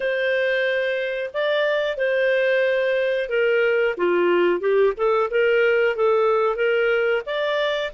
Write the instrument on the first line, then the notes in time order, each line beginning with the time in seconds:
clarinet
0.00 C5
1.33 D5
1.97 C5
3.29 A#4
3.97 F4
4.60 G4
4.97 A4
5.30 A#4
5.96 A4
6.56 A#4
7.25 D5